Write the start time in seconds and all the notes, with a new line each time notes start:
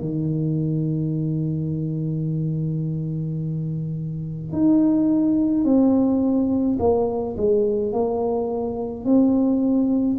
0.00 D#3
4.52 D#4
5.64 C4
6.79 A#3
7.36 G#3
7.92 A#3
9.05 C4